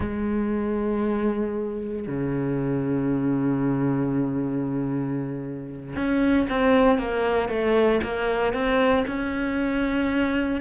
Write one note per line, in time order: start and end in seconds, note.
0.00 2.07 G#3
2.07 5.95 C#3
5.95 6.47 C#4
6.49 6.98 C4
6.98 7.49 A#3
7.49 8.00 A3
8.03 8.53 A#3
8.53 9.05 C4
9.07 10.61 C#4